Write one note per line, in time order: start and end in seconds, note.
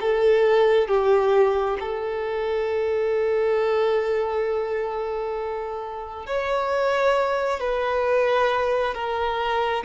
0.00 0.88 A4
0.88 1.77 G4
1.80 6.26 A4
6.26 7.60 C#5
7.60 8.94 B4
8.94 9.84 A#4